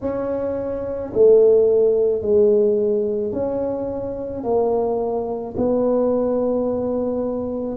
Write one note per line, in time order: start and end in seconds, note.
0.01 1.12 C#4
1.13 2.21 A3
2.21 3.32 G#3
3.32 4.43 C#4
4.43 5.55 A#3
5.56 7.77 B3